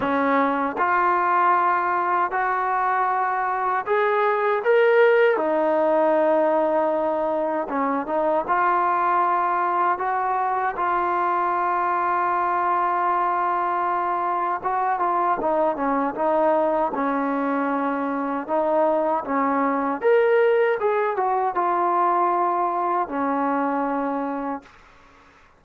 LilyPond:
\new Staff \with { instrumentName = "trombone" } { \time 4/4 \tempo 4 = 78 cis'4 f'2 fis'4~ | fis'4 gis'4 ais'4 dis'4~ | dis'2 cis'8 dis'8 f'4~ | f'4 fis'4 f'2~ |
f'2. fis'8 f'8 | dis'8 cis'8 dis'4 cis'2 | dis'4 cis'4 ais'4 gis'8 fis'8 | f'2 cis'2 | }